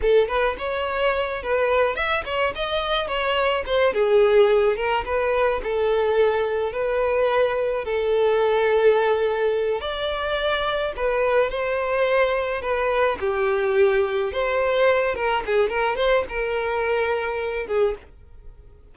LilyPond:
\new Staff \with { instrumentName = "violin" } { \time 4/4 \tempo 4 = 107 a'8 b'8 cis''4. b'4 e''8 | cis''8 dis''4 cis''4 c''8 gis'4~ | gis'8 ais'8 b'4 a'2 | b'2 a'2~ |
a'4. d''2 b'8~ | b'8 c''2 b'4 g'8~ | g'4. c''4. ais'8 gis'8 | ais'8 c''8 ais'2~ ais'8 gis'8 | }